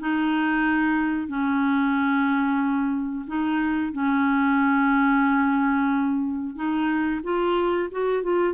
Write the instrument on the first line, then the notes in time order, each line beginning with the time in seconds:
clarinet
0.00 D#4
1.28 C#4
3.27 D#4
3.93 C#4
6.55 D#4
7.23 F4
7.92 F#4
8.23 F4